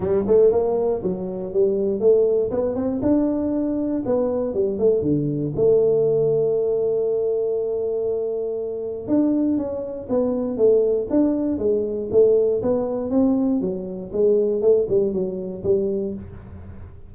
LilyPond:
\new Staff \with { instrumentName = "tuba" } { \time 4/4 \tempo 4 = 119 g8 a8 ais4 fis4 g4 | a4 b8 c'8 d'2 | b4 g8 a8 d4 a4~ | a1~ |
a2 d'4 cis'4 | b4 a4 d'4 gis4 | a4 b4 c'4 fis4 | gis4 a8 g8 fis4 g4 | }